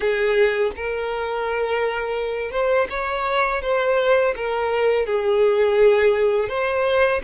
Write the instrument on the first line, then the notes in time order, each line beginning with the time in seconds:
violin
0.00 G#4
0.76 A#4
2.51 C5
2.89 C#5
3.61 C5
4.35 A#4
5.05 G#4
6.49 C5